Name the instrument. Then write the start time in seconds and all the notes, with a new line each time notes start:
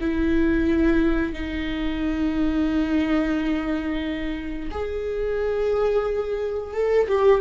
viola
0.00 E4
1.33 D#4
4.71 G#4
6.73 A4
7.08 G4